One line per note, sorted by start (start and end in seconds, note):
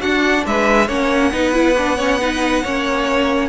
0.00 0.87 D4
0.00 0.46 D4
0.00 0.44 F#4
0.00 0.44 F#5
0.46 0.88 G#3
0.46 0.87 B4
0.46 0.88 E5
0.87 1.32 A#3
0.87 1.32 C#4
0.87 1.30 C#5
0.87 3.48 F#5
1.32 2.63 B3
1.32 1.53 D#4
1.32 1.96 B4
1.53 1.75 E4
1.77 1.98 D4
1.96 2.20 C#4
1.96 2.18 C#5
2.20 2.64 D#4
2.20 2.62 B4
2.62 3.48 A#3
2.62 3.48 C#4
2.62 3.48 C#5